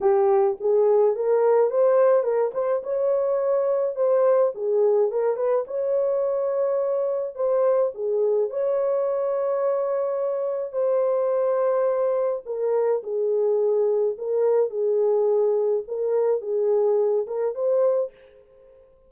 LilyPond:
\new Staff \with { instrumentName = "horn" } { \time 4/4 \tempo 4 = 106 g'4 gis'4 ais'4 c''4 | ais'8 c''8 cis''2 c''4 | gis'4 ais'8 b'8 cis''2~ | cis''4 c''4 gis'4 cis''4~ |
cis''2. c''4~ | c''2 ais'4 gis'4~ | gis'4 ais'4 gis'2 | ais'4 gis'4. ais'8 c''4 | }